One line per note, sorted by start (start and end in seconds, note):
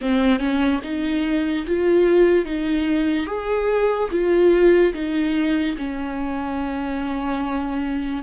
0.01 0.39 C4
0.39 0.80 C#4
0.83 1.65 D#4
1.66 2.45 F4
2.45 3.26 D#4
3.26 4.08 G#4
4.11 4.93 F4
4.93 5.75 D#4
5.77 8.23 C#4